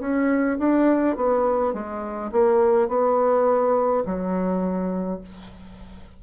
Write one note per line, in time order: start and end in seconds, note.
0.00 0.58 C#4
0.59 1.16 D4
1.16 1.74 B3
1.74 2.31 G#3
2.32 2.88 A#3
2.88 4.04 B3
4.05 5.21 F#3